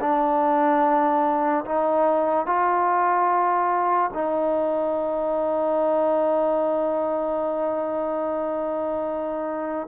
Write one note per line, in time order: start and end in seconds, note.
0.00 1.64 D4
1.65 2.46 D#4
2.46 4.11 F4
4.14 9.87 D#4